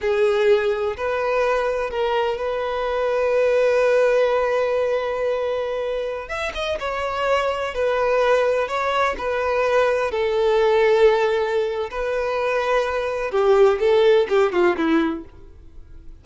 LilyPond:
\new Staff \with { instrumentName = "violin" } { \time 4/4 \tempo 4 = 126 gis'2 b'2 | ais'4 b'2.~ | b'1~ | b'4~ b'16 e''8 dis''8 cis''4.~ cis''16~ |
cis''16 b'2 cis''4 b'8.~ | b'4~ b'16 a'2~ a'8.~ | a'4 b'2. | g'4 a'4 g'8 f'8 e'4 | }